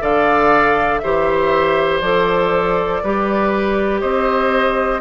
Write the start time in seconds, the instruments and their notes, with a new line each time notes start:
0.00 bassoon D3, clarinet A4, oboe D5, flute F5
0.99 bassoon E3, clarinet G4, oboe C5, flute E5
2.01 bassoon F3, clarinet A4, flute D5
3.03 bassoon G3, clarinet G4, oboe B4
4.01 bassoon C4, oboe C5, flute D#5